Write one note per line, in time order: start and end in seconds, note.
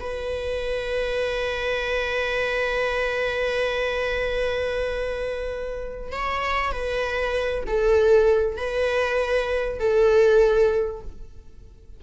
0.00 6.12 B4
6.12 6.72 C#5
6.72 7.64 B4
7.67 8.57 A4
8.57 9.79 B4
9.79 11.01 A4